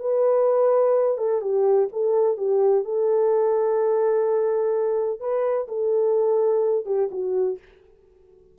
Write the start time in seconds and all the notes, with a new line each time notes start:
0.00 B4
1.18 A4
1.41 G4
1.93 A4
2.37 G4
2.85 A4
5.20 B4
5.68 A4
6.86 G4
7.11 F#4